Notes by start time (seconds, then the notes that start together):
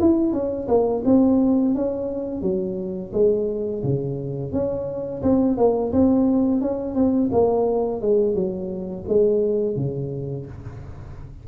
0.00 E4
0.33 C#4
0.68 A#3
1.05 C4
1.75 C#4
2.42 F#3
3.13 G#3
3.83 C#3
4.52 C#4
5.23 C4
5.57 A#3
5.92 C4
6.61 C#4
6.95 C4
7.32 A#3
8.01 G#3
8.35 F#3
9.08 G#3
9.76 C#3